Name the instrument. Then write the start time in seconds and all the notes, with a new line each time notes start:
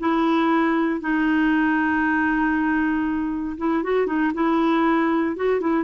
clarinet
0.00 E4
1.01 D#4
3.58 E4
3.83 F#4
4.07 D#4
4.34 E4
5.37 F#4
5.61 E4